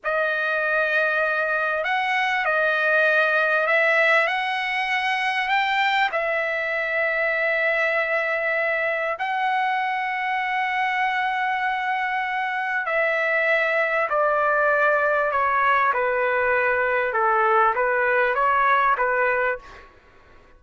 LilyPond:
\new Staff \with { instrumentName = "trumpet" } { \time 4/4 \tempo 4 = 98 dis''2. fis''4 | dis''2 e''4 fis''4~ | fis''4 g''4 e''2~ | e''2. fis''4~ |
fis''1~ | fis''4 e''2 d''4~ | d''4 cis''4 b'2 | a'4 b'4 cis''4 b'4 | }